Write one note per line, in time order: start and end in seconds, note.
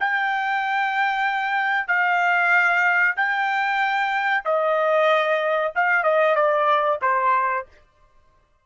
0.00 1.87 G5
1.87 3.15 F5
3.17 4.44 G5
4.45 5.73 D#5
5.75 6.04 F5
6.04 6.36 D#5
6.36 7.00 D5
7.02 7.66 C5